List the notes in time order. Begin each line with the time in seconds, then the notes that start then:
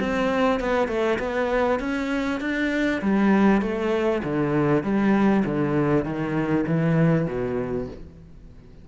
0.00 C4
0.60 B3
0.88 A3
1.19 B3
1.80 C#4
2.40 D4
3.01 G3
3.61 A3
4.24 D3
4.83 G3
5.45 D3
6.04 D#3
6.66 E3
7.27 B2